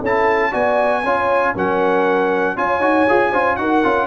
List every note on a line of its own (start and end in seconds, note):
0.00 0.52 C#4
0.00 0.51 E4
0.00 0.51 A4
0.00 0.53 A5
0.51 1.03 B3
0.51 1.02 F#4
0.51 1.02 D5
0.51 1.55 G#5
1.03 1.54 C#4
1.03 1.55 F4
1.03 1.54 C#5
1.55 2.56 F#3
1.55 2.56 C#4
1.55 2.56 A#4
1.55 2.57 F#5
2.56 2.79 C#4
2.56 2.81 F4
2.56 3.30 C#5
2.56 3.56 G#5
2.79 3.05 D#4
2.79 3.06 F#4
3.08 3.32 F4
3.08 3.33 G#4
3.30 3.57 C#4
3.30 3.58 F4
3.30 3.56 C5
3.56 3.83 D#4
3.56 3.83 F#4
3.56 4.06 A#4
3.56 4.06 F#5
3.83 4.06 C#4
3.83 4.06 F4